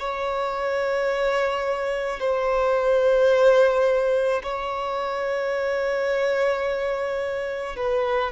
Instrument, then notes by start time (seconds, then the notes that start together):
violin
0.00 C#5
2.20 C5
4.43 C#5
7.77 B4